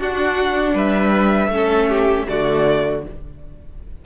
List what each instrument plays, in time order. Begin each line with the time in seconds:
0.00 cello D4, viola D4, violin F#4 F#5
0.74 cello G3, violin B4 E5
1.48 cello A3, viola C#4
1.54 violin A4
1.89 violin G4
2.28 cello D3, viola A3, violin F#4 D5